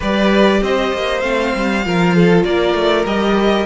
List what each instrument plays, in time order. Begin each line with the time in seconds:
0.00 cello G3, viola G4, violin B4 D5
0.61 cello C4, violin C5 D#5
0.93 cello A#3
1.20 cello A3, viola C4, violin F5
1.55 cello G3
1.84 cello F3, viola F4, violin A#4
2.15 violin A4
2.44 cello A#3, violin A#4 D5
2.74 cello A3
3.05 cello G3, viola G4, violin D#5